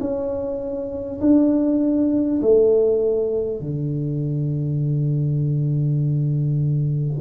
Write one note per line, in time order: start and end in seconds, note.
0.00 1.20 C#4
1.21 2.41 D4
2.42 3.61 A3
3.61 7.21 D3